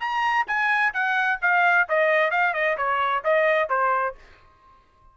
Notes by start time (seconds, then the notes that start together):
0.00 A#5
0.47 G#5
0.94 F#5
1.42 F5
1.89 D#5
2.31 F5
2.54 D#5
2.77 C#5
3.24 D#5
3.69 C5